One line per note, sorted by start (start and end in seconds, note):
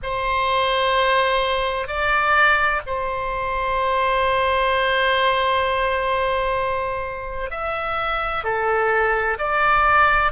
0.03 1.87 C5
1.87 2.81 D5
2.86 7.50 C5
7.50 8.44 E5
8.44 9.37 A4
9.38 10.32 D5